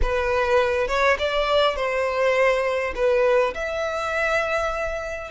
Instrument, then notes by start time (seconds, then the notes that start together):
violin
0.02 B4
0.87 C#5
1.18 D5
1.75 C5
2.95 B4
3.54 E5